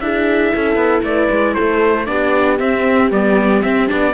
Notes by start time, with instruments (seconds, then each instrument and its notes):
0.00 cello D4, viola E4, horn G#4, trumpet E5
0.54 cello C#4, horn A4
0.75 cello B3
1.03 cello A3, horn B4, trumpet D5
1.30 cello G#3
1.54 cello A3, horn A4, trumpet C5
2.06 cello B3, viola D4, horn G4, trumpet D5
2.59 viola C4, cello C4, trumpet E5
3.11 cello G3, viola B3, trumpet D5
3.62 viola C4, cello C4, trumpet E5
3.87 cello B3, viola D4, trumpet D5